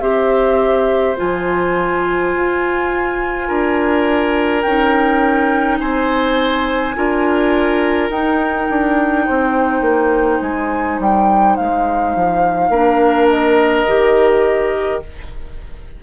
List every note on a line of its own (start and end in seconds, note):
0.00 1.15 C4
0.00 1.16 G4
0.00 3.47 C5
0.00 1.16 E5
1.16 2.35 F3
1.16 4.62 F4
1.16 4.62 G#5
2.35 3.49 F4
3.47 4.64 D4
3.47 5.78 A#4
4.62 5.80 C#4
4.62 6.95 D#4
4.62 5.77 G5
5.79 6.95 C4
5.79 6.95 C5
5.79 8.09 G#5
6.95 8.09 D4
6.95 8.10 F4
6.95 9.25 A#4
8.09 8.67 D#4
8.09 12.73 D#4
8.09 10.41 G5
8.69 9.27 D4
9.25 9.81 C4
9.25 12.70 C5
9.81 10.38 A#3
10.41 10.99 G#3
10.41 10.99 G#5
10.99 11.56 G3
10.99 11.56 G5
11.56 12.15 G#3
11.56 13.29 F5
12.15 12.69 F3
12.69 13.84 A#3
12.69 13.87 D4
12.69 15.00 A#4
13.29 15.02 D#5
13.87 15.02 D#3
13.87 15.02 G4